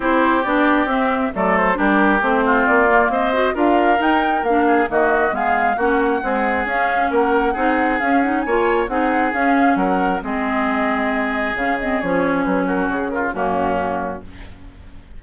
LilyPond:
<<
  \new Staff \with { instrumentName = "flute" } { \time 4/4 \tempo 4 = 135 c''4 d''4 e''4 d''8 c''8 | ais'4 c''4 d''4 dis''4 | f''4 g''4 f''4 dis''4 | f''4 fis''2 f''4 |
fis''2 f''8 fis''8 gis''4 | fis''4 f''4 fis''4 dis''4~ | dis''2 f''8 dis''8 cis''4 | b'8 ais'8 gis'8 ais'8 fis'2 | }
  \new Staff \with { instrumentName = "oboe" } { \time 4/4 g'2. a'4 | g'4. f'4. c''4 | ais'2~ ais'8 gis'8 fis'4 | gis'4 fis'4 gis'2 |
ais'4 gis'2 cis''4 | gis'2 ais'4 gis'4~ | gis'1~ | gis'8 fis'4 f'8 cis'2 | }
  \new Staff \with { instrumentName = "clarinet" } { \time 4/4 e'4 d'4 c'4 a4 | d'4 c'4. ais4 fis'8 | f'4 dis'4 d'4 ais4 | b4 cis'4 gis4 cis'4~ |
cis'4 dis'4 cis'8 dis'8 f'4 | dis'4 cis'2 c'4~ | c'2 cis'8 c'8 cis'4~ | cis'2 ais2 | }
  \new Staff \with { instrumentName = "bassoon" } { \time 4/4 c'4 b4 c'4 fis4 | g4 a4 ais4 c'4 | d'4 dis'4 ais4 dis4 | gis4 ais4 c'4 cis'4 |
ais4 c'4 cis'4 ais4 | c'4 cis'4 fis4 gis4~ | gis2 cis4 f4 | fis4 cis4 fis,2 | }
>>